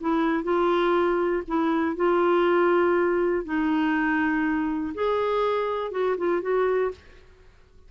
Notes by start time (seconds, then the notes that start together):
0.00 E4
0.44 F4
1.47 E4
1.96 F4
3.44 D#4
4.94 G#4
5.91 F#4
6.17 F4
6.41 F#4